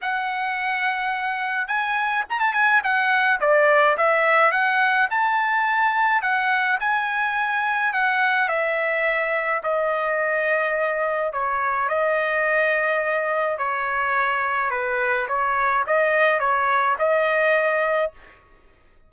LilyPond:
\new Staff \with { instrumentName = "trumpet" } { \time 4/4 \tempo 4 = 106 fis''2. gis''4 | ais''16 a''16 gis''8 fis''4 d''4 e''4 | fis''4 a''2 fis''4 | gis''2 fis''4 e''4~ |
e''4 dis''2. | cis''4 dis''2. | cis''2 b'4 cis''4 | dis''4 cis''4 dis''2 | }